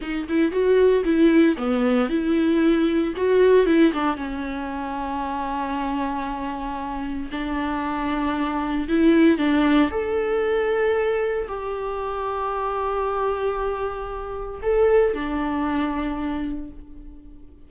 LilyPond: \new Staff \with { instrumentName = "viola" } { \time 4/4 \tempo 4 = 115 dis'8 e'8 fis'4 e'4 b4 | e'2 fis'4 e'8 d'8 | cis'1~ | cis'2 d'2~ |
d'4 e'4 d'4 a'4~ | a'2 g'2~ | g'1 | a'4 d'2. | }